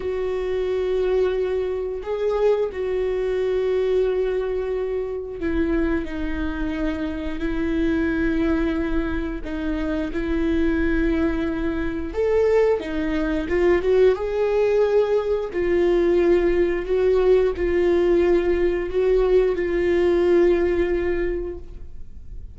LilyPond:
\new Staff \with { instrumentName = "viola" } { \time 4/4 \tempo 4 = 89 fis'2. gis'4 | fis'1 | e'4 dis'2 e'4~ | e'2 dis'4 e'4~ |
e'2 a'4 dis'4 | f'8 fis'8 gis'2 f'4~ | f'4 fis'4 f'2 | fis'4 f'2. | }